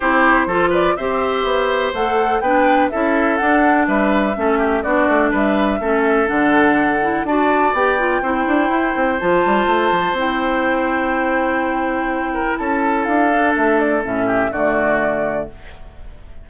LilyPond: <<
  \new Staff \with { instrumentName = "flute" } { \time 4/4 \tempo 4 = 124 c''4. d''8 e''2 | fis''4 g''4 e''4 fis''4 | e''2 d''4 e''4~ | e''4 fis''2 a''4 |
g''2. a''4~ | a''4 g''2.~ | g''2 a''4 f''4 | e''8 d''8 e''4 d''2 | }
  \new Staff \with { instrumentName = "oboe" } { \time 4/4 g'4 a'8 b'8 c''2~ | c''4 b'4 a'2 | b'4 a'8 g'8 fis'4 b'4 | a'2. d''4~ |
d''4 c''2.~ | c''1~ | c''4. ais'8 a'2~ | a'4. g'8 fis'2 | }
  \new Staff \with { instrumentName = "clarinet" } { \time 4/4 e'4 f'4 g'2 | a'4 d'4 e'4 d'4~ | d'4 cis'4 d'2 | cis'4 d'4. e'8 fis'4 |
g'8 f'8 e'2 f'4~ | f'4 e'2.~ | e'2.~ e'8 d'8~ | d'4 cis'4 a2 | }
  \new Staff \with { instrumentName = "bassoon" } { \time 4/4 c'4 f4 c'4 b4 | a4 b4 cis'4 d'4 | g4 a4 b8 a8 g4 | a4 d2 d'4 |
b4 c'8 d'8 e'8 c'8 f8 g8 | a8 f8 c'2.~ | c'2 cis'4 d'4 | a4 a,4 d2 | }
>>